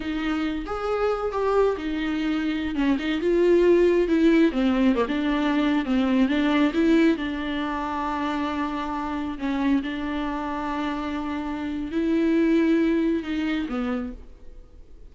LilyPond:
\new Staff \with { instrumentName = "viola" } { \time 4/4 \tempo 4 = 136 dis'4. gis'4. g'4 | dis'2~ dis'16 cis'8 dis'8 f'8.~ | f'4~ f'16 e'4 c'4 ais16 d'8~ | d'4~ d'16 c'4 d'4 e'8.~ |
e'16 d'2.~ d'8.~ | d'4~ d'16 cis'4 d'4.~ d'16~ | d'2. e'4~ | e'2 dis'4 b4 | }